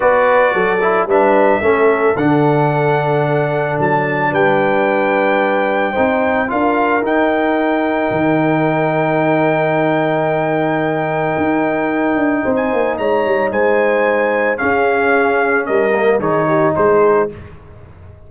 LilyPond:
<<
  \new Staff \with { instrumentName = "trumpet" } { \time 4/4 \tempo 4 = 111 d''2 e''2 | fis''2. a''4 | g''1 | f''4 g''2.~ |
g''1~ | g''2.~ g''16 gis''8. | ais''4 gis''2 f''4~ | f''4 dis''4 cis''4 c''4 | }
  \new Staff \with { instrumentName = "horn" } { \time 4/4 b'4 a'4 b'4 a'4~ | a'1 | b'2. c''4 | ais'1~ |
ais'1~ | ais'2. c''4 | cis''4 c''2 gis'4~ | gis'4 ais'4 gis'8 g'8 gis'4 | }
  \new Staff \with { instrumentName = "trombone" } { \time 4/4 fis'4. e'8 d'4 cis'4 | d'1~ | d'2. dis'4 | f'4 dis'2.~ |
dis'1~ | dis'1~ | dis'2. cis'4~ | cis'4. ais8 dis'2 | }
  \new Staff \with { instrumentName = "tuba" } { \time 4/4 b4 fis4 g4 a4 | d2. fis4 | g2. c'4 | d'4 dis'2 dis4~ |
dis1~ | dis4 dis'4. d'8 c'8 ais8 | gis8 g8 gis2 cis'4~ | cis'4 g4 dis4 gis4 | }
>>